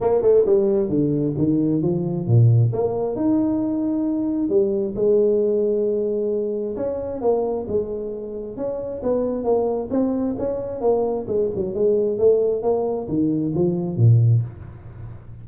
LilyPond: \new Staff \with { instrumentName = "tuba" } { \time 4/4 \tempo 4 = 133 ais8 a8 g4 d4 dis4 | f4 ais,4 ais4 dis'4~ | dis'2 g4 gis4~ | gis2. cis'4 |
ais4 gis2 cis'4 | b4 ais4 c'4 cis'4 | ais4 gis8 fis8 gis4 a4 | ais4 dis4 f4 ais,4 | }